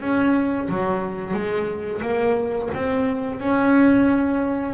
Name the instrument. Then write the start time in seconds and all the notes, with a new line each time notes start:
double bass
0.00 C#4
0.69 F#3
1.33 G#3
2.01 A#3
2.74 C4
3.40 C#4